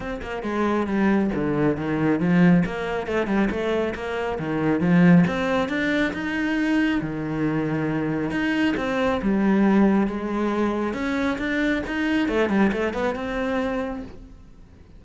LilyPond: \new Staff \with { instrumentName = "cello" } { \time 4/4 \tempo 4 = 137 c'8 ais8 gis4 g4 d4 | dis4 f4 ais4 a8 g8 | a4 ais4 dis4 f4 | c'4 d'4 dis'2 |
dis2. dis'4 | c'4 g2 gis4~ | gis4 cis'4 d'4 dis'4 | a8 g8 a8 b8 c'2 | }